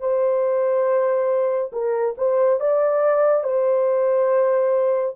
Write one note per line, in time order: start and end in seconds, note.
0.00 1.71 C5
1.73 2.15 A#4
2.18 2.60 C5
2.60 3.44 D5
3.44 5.15 C5